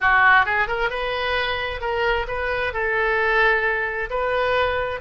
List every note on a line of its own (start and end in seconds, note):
0.00 0.45 F#4
0.45 0.67 G#4
0.67 0.90 A#4
0.90 1.81 B4
1.81 2.26 A#4
2.27 2.73 B4
2.73 4.09 A4
4.10 5.00 B4